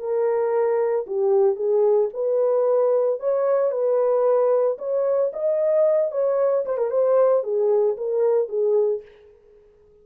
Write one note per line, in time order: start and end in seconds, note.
0.00 1.06 A#4
1.07 1.56 G4
1.56 2.09 G#4
2.14 3.20 B4
3.20 3.72 C#5
3.72 4.78 B4
4.79 5.32 C#5
5.34 6.12 D#5
6.12 6.65 C#5
6.66 6.78 C5
6.78 6.91 A#4
6.91 7.44 C5
7.44 7.97 G#4
7.97 8.49 A#4
8.49 9.02 G#4